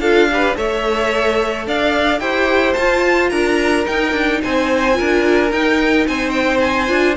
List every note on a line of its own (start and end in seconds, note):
0.00 0.55 D4
0.00 0.31 F4
0.00 0.29 A4
0.00 0.56 F5
0.31 0.55 G4
0.31 0.57 B4
0.55 1.67 A3
0.55 2.21 A4
0.55 1.67 C#5
0.55 1.68 E5
1.67 2.20 D4
1.67 2.21 D5
1.67 2.20 F5
2.20 2.75 E4
2.20 2.76 G4
2.20 3.31 C5
2.20 2.74 G5
2.74 3.32 F4
2.74 3.86 F4
2.74 3.29 A5
3.30 3.87 D4
3.30 4.41 A#4
3.30 3.85 A#5
3.86 4.94 D#4
3.86 4.13 D#4
3.86 4.42 G5
4.13 4.40 D4
4.43 5.00 C4
4.43 4.97 C5
4.43 5.52 G#5
4.94 5.49 F4
4.94 6.08 A#4
5.01 5.52 D4
5.52 6.07 D#4
5.52 6.88 D#4
5.52 6.07 G5
6.08 6.90 C4
6.08 7.17 C5
6.08 6.31 G#5
6.31 6.58 G5
6.60 7.15 G#5
6.88 7.17 D4
6.88 7.15 F4